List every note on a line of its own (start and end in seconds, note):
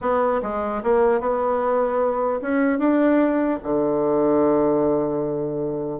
0.01 0.41 B3
0.42 0.82 G#3
0.83 1.20 A#3
1.20 2.40 B3
2.41 2.78 C#4
2.78 3.58 D4
3.63 6.00 D3